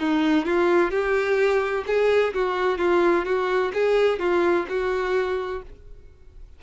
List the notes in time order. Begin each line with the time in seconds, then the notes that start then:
0.00 D#4
0.46 F4
0.91 G4
1.87 G#4
2.34 F#4
2.79 F4
3.26 F#4
3.74 G#4
4.20 F4
4.69 F#4